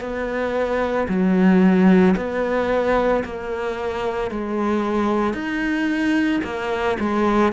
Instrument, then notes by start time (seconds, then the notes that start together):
cello
0.00 B3
1.08 F#3
2.16 B3
3.24 A#3
4.31 G#3
5.34 D#4
6.44 A#3
7.00 G#3